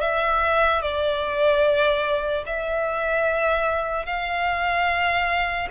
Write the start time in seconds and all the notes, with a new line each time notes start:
0.00 E5
0.81 D5
2.46 E5
4.05 F5